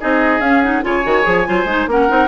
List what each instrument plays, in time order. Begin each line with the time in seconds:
0.00 bassoon C4, clarinet D#4, oboe G#4, flute D#5
0.40 bassoon C#4, clarinet C#4, flute F5
0.62 clarinet D#4, flute F#5
0.83 bassoon C#3, clarinet F4, oboe C#5, flute G#5
1.04 bassoon D#3, clarinet F#4
1.23 bassoon F3, clarinet G#4
1.46 bassoon F#3, clarinet F4, oboe C5
1.65 bassoon G#3, clarinet D#4
1.87 bassoon A#3, clarinet C#4, oboe A#4, flute F#5
2.09 bassoon C4, clarinet D#4